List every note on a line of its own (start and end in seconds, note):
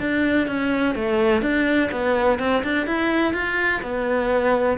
0.00 0.48 D4
0.48 0.95 C#4
0.95 1.42 A3
1.42 1.90 D4
1.92 2.39 B3
2.39 2.63 C4
2.64 2.87 D4
2.87 3.34 E4
3.34 3.82 F4
3.82 4.78 B3